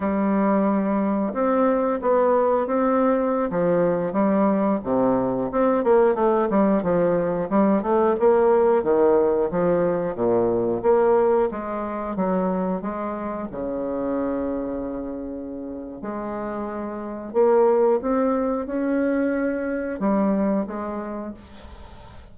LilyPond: \new Staff \with { instrumentName = "bassoon" } { \time 4/4 \tempo 4 = 90 g2 c'4 b4 | c'4~ c'16 f4 g4 c8.~ | c16 c'8 ais8 a8 g8 f4 g8 a16~ | a16 ais4 dis4 f4 ais,8.~ |
ais,16 ais4 gis4 fis4 gis8.~ | gis16 cis2.~ cis8. | gis2 ais4 c'4 | cis'2 g4 gis4 | }